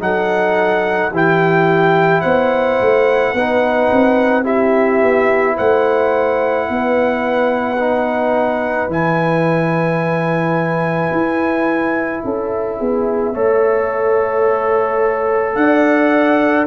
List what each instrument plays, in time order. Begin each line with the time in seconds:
0.00 tuba F#3, trombone D#4, horn A4, trumpet F#5
1.12 tuba E3, trombone E4, horn G4, trumpet G5
2.21 tuba B3, horn C5, trumpet F#5
2.81 tuba A3
3.34 tuba B3, trombone D#4, horn B4
3.92 tuba C4
4.44 trombone E4, horn G4, trumpet E5
5.03 tuba B3
5.57 tuba A3, horn C5, trumpet F#5
6.69 tuba B3, horn B4
7.80 trombone D#4
8.88 tuba E3, trombone E4, trumpet G#5
11.12 tuba E4
12.24 tuba C#4, horn A4, trumpet E5
12.78 tuba B3, horn G#4
13.34 tuba A3, trombone A4, horn C#5
15.55 tuba D4, horn D5, trumpet F#5